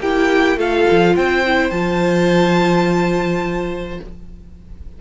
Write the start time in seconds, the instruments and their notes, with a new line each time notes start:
0.00 cello A#3, viola E4, violin G4 G5
0.57 cello A3, viola F4, violin A4 F5
0.91 cello F3
1.16 cello C4, violin C5 G5
1.46 viola E4
1.71 cello F3, viola F4, violin A5